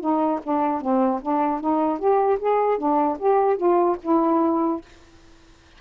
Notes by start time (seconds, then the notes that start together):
0.00 D#4
0.43 D4
0.81 C4
1.21 D4
1.60 D#4
1.98 G4
2.39 G#4
2.78 D4
3.19 G4
3.57 F4
4.02 E4